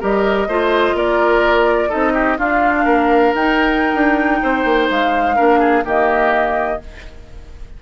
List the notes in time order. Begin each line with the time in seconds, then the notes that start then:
0.00 G3 G4 A#4 D#5
0.48 A3 F4 C5
0.94 A#3 A#4 D5
1.89 C4 D#4 A4 D#5
2.13 G4
2.38 D4 F4 F5
2.84 A#3 A#4
3.34 D#4 G5
3.94 D4
4.43 C4 C5
4.65 A#3
4.90 G#3 F5
5.36 A#3 D4 A#4
5.60 G#4
5.84 D#3 A#3 G4 D#5